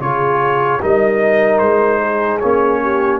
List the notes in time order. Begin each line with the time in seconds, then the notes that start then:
0.00 C#3 F4 G#4 C#5
0.81 G3 D#4 A#4 D#5
1.59 G#3 C5
2.00 G#4
2.40 A#3 C#4 C#5
2.83 G4